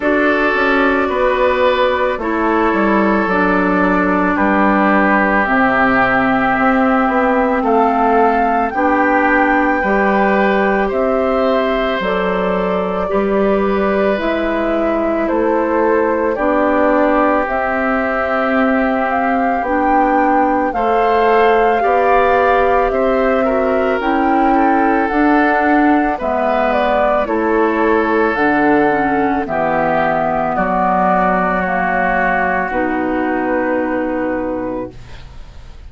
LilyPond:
<<
  \new Staff \with { instrumentName = "flute" } { \time 4/4 \tempo 4 = 55 d''2 cis''4 d''4 | b'4 e''2 f''4 | g''2 e''4 d''4~ | d''4 e''4 c''4 d''4 |
e''4. f''8 g''4 f''4~ | f''4 e''4 g''4 fis''4 | e''8 d''8 cis''4 fis''4 e''4 | d''4 cis''4 b'2 | }
  \new Staff \with { instrumentName = "oboe" } { \time 4/4 a'4 b'4 a'2 | g'2. a'4 | g'4 b'4 c''2 | b'2 a'4 g'4~ |
g'2. c''4 | d''4 c''8 ais'4 a'4. | b'4 a'2 g'4 | fis'1 | }
  \new Staff \with { instrumentName = "clarinet" } { \time 4/4 fis'2 e'4 d'4~ | d'4 c'2. | d'4 g'2 a'4 | g'4 e'2 d'4 |
c'2 d'4 a'4 | g'4. fis'8 e'4 d'4 | b4 e'4 d'8 cis'8 b4~ | b4 ais4 dis'2 | }
  \new Staff \with { instrumentName = "bassoon" } { \time 4/4 d'8 cis'8 b4 a8 g8 fis4 | g4 c4 c'8 b8 a4 | b4 g4 c'4 fis4 | g4 gis4 a4 b4 |
c'2 b4 a4 | b4 c'4 cis'4 d'4 | gis4 a4 d4 e4 | fis2 b,2 | }
>>